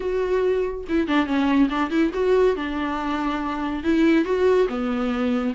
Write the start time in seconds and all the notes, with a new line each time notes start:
0.00 F#4
0.88 E4
1.07 D4
1.26 C#4
1.69 D4
1.90 E4
2.13 F#4
2.56 D4
3.83 E4
4.25 F#4
4.68 B3